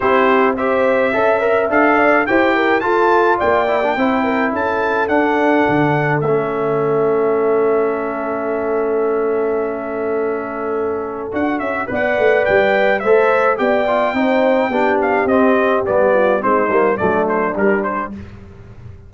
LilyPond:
<<
  \new Staff \with { instrumentName = "trumpet" } { \time 4/4 \tempo 4 = 106 c''4 e''2 f''4 | g''4 a''4 g''2 | a''4 fis''2 e''4~ | e''1~ |
e''1 | fis''8 e''8 fis''4 g''4 e''4 | g''2~ g''8 f''8 dis''4 | d''4 c''4 d''8 c''8 ais'8 c''8 | }
  \new Staff \with { instrumentName = "horn" } { \time 4/4 g'4 c''4 e''4. d''8 | c''8 ais'8 a'4 d''4 c''8 ais'8 | a'1~ | a'1~ |
a'1~ | a'4 d''2 c''4 | d''4 c''4 g'2~ | g'8 f'8 dis'4 d'2 | }
  \new Staff \with { instrumentName = "trombone" } { \time 4/4 e'4 g'4 a'8 ais'8 a'4 | g'4 f'4. e'16 d'16 e'4~ | e'4 d'2 cis'4~ | cis'1~ |
cis'1 | fis'4 b'2 a'4 | g'8 f'8 dis'4 d'4 c'4 | b4 c'8 ais8 a4 g4 | }
  \new Staff \with { instrumentName = "tuba" } { \time 4/4 c'2 cis'4 d'4 | e'4 f'4 ais4 c'4 | cis'4 d'4 d4 a4~ | a1~ |
a1 | d'8 cis'8 b8 a8 g4 a4 | b4 c'4 b4 c'4 | g4 gis8 g8 fis4 g4 | }
>>